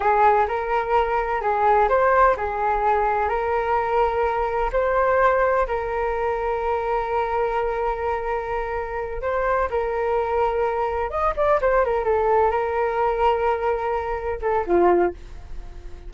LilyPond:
\new Staff \with { instrumentName = "flute" } { \time 4/4 \tempo 4 = 127 gis'4 ais'2 gis'4 | c''4 gis'2 ais'4~ | ais'2 c''2 | ais'1~ |
ais'2.~ ais'8 c''8~ | c''8 ais'2. dis''8 | d''8 c''8 ais'8 a'4 ais'4.~ | ais'2~ ais'8 a'8 f'4 | }